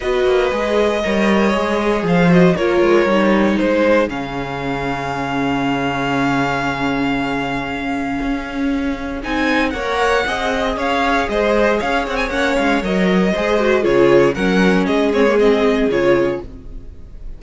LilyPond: <<
  \new Staff \with { instrumentName = "violin" } { \time 4/4 \tempo 4 = 117 dis''1 | f''8 dis''8 cis''2 c''4 | f''1~ | f''1~ |
f''2 gis''4 fis''4~ | fis''4 f''4 dis''4 f''8 fis''16 gis''16 | fis''8 f''8 dis''2 cis''4 | fis''4 dis''8 cis''8 dis''4 cis''4 | }
  \new Staff \with { instrumentName = "violin" } { \time 4/4 b'2 cis''2 | c''4 ais'2 gis'4~ | gis'1~ | gis'1~ |
gis'2. cis''4 | dis''4 cis''4 c''4 cis''4~ | cis''2 c''4 gis'4 | ais'4 gis'2. | }
  \new Staff \with { instrumentName = "viola" } { \time 4/4 fis'4 gis'4 ais'4 gis'4~ | gis'8 fis'8 f'4 dis'2 | cis'1~ | cis'1~ |
cis'2 dis'4 ais'4 | gis'1 | cis'4 ais'4 gis'8 fis'8 f'4 | cis'4. c'16 ais16 c'4 f'4 | }
  \new Staff \with { instrumentName = "cello" } { \time 4/4 b8 ais8 gis4 g4 gis4 | f4 ais8 gis8 g4 gis4 | cis1~ | cis1 |
cis'2 c'4 ais4 | c'4 cis'4 gis4 cis'8 c'8 | ais8 gis8 fis4 gis4 cis4 | fis4 gis2 cis4 | }
>>